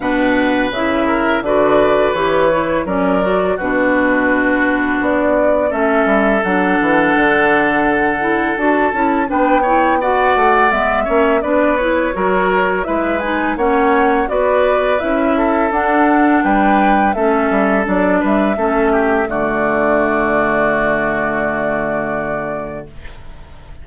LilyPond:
<<
  \new Staff \with { instrumentName = "flute" } { \time 4/4 \tempo 4 = 84 fis''4 e''4 d''4 cis''4 | d''4 b'2 d''4 | e''4 fis''2. | a''4 g''4 fis''4 e''4 |
d''8 cis''4. e''8 gis''8 fis''4 | d''4 e''4 fis''4 g''4 | e''4 d''8 e''4. d''4~ | d''1 | }
  \new Staff \with { instrumentName = "oboe" } { \time 4/4 b'4. ais'8 b'2 | ais'4 fis'2. | a'1~ | a'4 b'8 cis''8 d''4. cis''8 |
b'4 ais'4 b'4 cis''4 | b'4. a'4. b'4 | a'4. b'8 a'8 g'8 fis'4~ | fis'1 | }
  \new Staff \with { instrumentName = "clarinet" } { \time 4/4 d'4 e'4 fis'4 g'8 e'8 | cis'8 fis'8 d'2. | cis'4 d'2~ d'8 e'8 | fis'8 e'8 d'8 e'8 fis'4 b8 cis'8 |
d'8 e'8 fis'4 e'8 dis'8 cis'4 | fis'4 e'4 d'2 | cis'4 d'4 cis'4 a4~ | a1 | }
  \new Staff \with { instrumentName = "bassoon" } { \time 4/4 b,4 cis4 d4 e4 | fis4 b,2 b4 | a8 g8 fis8 e8 d2 | d'8 cis'8 b4. a8 gis8 ais8 |
b4 fis4 gis4 ais4 | b4 cis'4 d'4 g4 | a8 g8 fis8 g8 a4 d4~ | d1 | }
>>